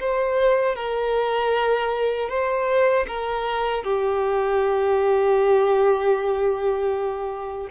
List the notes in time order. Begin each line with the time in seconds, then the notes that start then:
0.00 C5
0.76 A#4
2.29 C5
3.08 A#4
3.84 G4